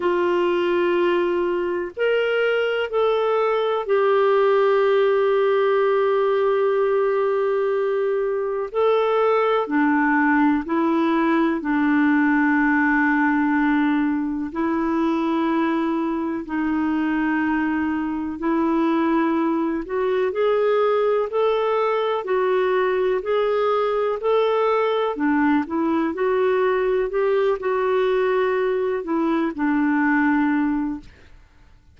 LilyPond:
\new Staff \with { instrumentName = "clarinet" } { \time 4/4 \tempo 4 = 62 f'2 ais'4 a'4 | g'1~ | g'4 a'4 d'4 e'4 | d'2. e'4~ |
e'4 dis'2 e'4~ | e'8 fis'8 gis'4 a'4 fis'4 | gis'4 a'4 d'8 e'8 fis'4 | g'8 fis'4. e'8 d'4. | }